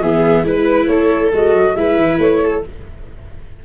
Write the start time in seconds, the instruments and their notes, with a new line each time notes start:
0.00 tuba E3, viola B3 G#4, flute E5
0.43 tuba G#3, viola E4 B4, flute B4
0.87 tuba A3, viola A4, flute C#5
1.32 tuba G#3, viola F#4, flute D#5
1.52 tuba F#3
1.75 tuba G#3, viola E4 B4, flute E5
1.96 tuba E3
2.18 tuba A3, flute C#5
2.43 viola A4